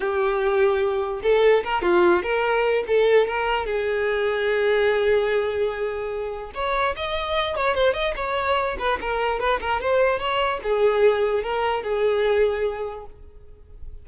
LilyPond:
\new Staff \with { instrumentName = "violin" } { \time 4/4 \tempo 4 = 147 g'2. a'4 | ais'8 f'4 ais'4. a'4 | ais'4 gis'2.~ | gis'1 |
cis''4 dis''4. cis''8 c''8 dis''8 | cis''4. b'8 ais'4 b'8 ais'8 | c''4 cis''4 gis'2 | ais'4 gis'2. | }